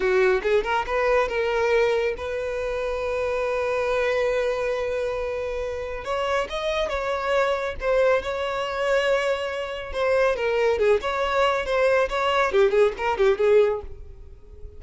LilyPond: \new Staff \with { instrumentName = "violin" } { \time 4/4 \tempo 4 = 139 fis'4 gis'8 ais'8 b'4 ais'4~ | ais'4 b'2.~ | b'1~ | b'2 cis''4 dis''4 |
cis''2 c''4 cis''4~ | cis''2. c''4 | ais'4 gis'8 cis''4. c''4 | cis''4 g'8 gis'8 ais'8 g'8 gis'4 | }